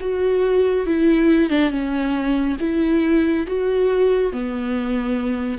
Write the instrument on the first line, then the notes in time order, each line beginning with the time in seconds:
viola
0.00 F#4
0.87 E4
1.50 D4
1.70 C#4
2.60 E4
3.47 F#4
4.32 B3